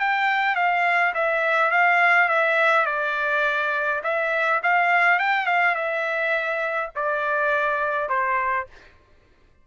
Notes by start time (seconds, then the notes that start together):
0.00 G5
0.56 F5
1.14 E5
1.71 F5
2.28 E5
2.86 D5
4.04 E5
4.63 F5
5.19 G5
5.46 F5
5.75 E5
6.95 D5
8.09 C5